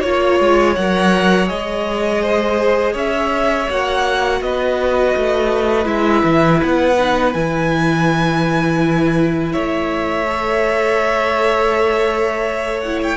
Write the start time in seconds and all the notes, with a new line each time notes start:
0.00 A#3 F4 C#5
0.40 G#3
0.75 F#3 A#4 F#5
1.45 G#3 G#4 D#5
2.22 C5
2.93 C#4 C#5 E5
3.69 A#3 F#4 F#5
4.41 B3 B4 D#5
5.16 A3
5.84 G#3 E4 E5
6.24 E3
6.63 B3 F#5
6.98 D#4
7.32 E3 E4 G#5
9.52 A3 C#5 E5
10.27 A4
12.80 E4 F#5
13.03 G5